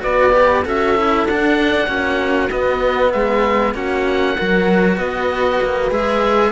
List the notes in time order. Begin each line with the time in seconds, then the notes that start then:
0.00 B3 F#4 B4 D5
0.32 G4
0.64 C#4 F#4 A4 E5
0.97 E4
1.25 D4 F#5
1.87 A#3 C#4 F#4
2.51 B3 D#5
3.12 G#3 G#4 E5
3.74 A#3 C#4 F#4 F#5
4.36 F#3 F#4 A#4
4.97 B3 B4 D#5
5.63 A#3
5.91 G#3 G#4 E5